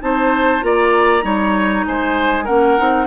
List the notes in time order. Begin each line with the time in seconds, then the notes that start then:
0.00 C4 D#4 C5 A5
0.61 A#3 F4 D5 A#5
1.22 G3 D#4 C#5
1.87 G#3 C5 G#5
2.44 A#3 C#4 A#4 F#5
2.78 C4 D#4